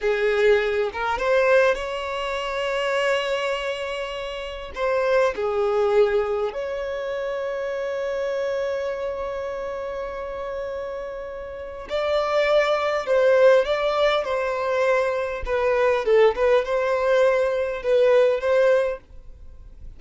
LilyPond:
\new Staff \with { instrumentName = "violin" } { \time 4/4 \tempo 4 = 101 gis'4. ais'8 c''4 cis''4~ | cis''1 | c''4 gis'2 cis''4~ | cis''1~ |
cis''1 | d''2 c''4 d''4 | c''2 b'4 a'8 b'8 | c''2 b'4 c''4 | }